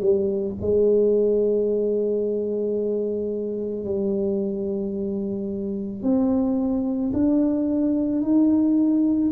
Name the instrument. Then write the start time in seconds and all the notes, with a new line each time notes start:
tuba
0.00 G3
0.61 G#3
3.85 G3
6.02 C4
7.14 D4
8.22 D#4